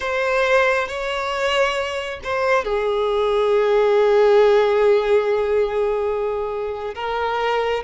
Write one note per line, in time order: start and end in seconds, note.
0.00 0.87 C5
0.87 2.20 C#5
2.23 2.64 C5
2.64 6.94 G#4
6.95 7.83 A#4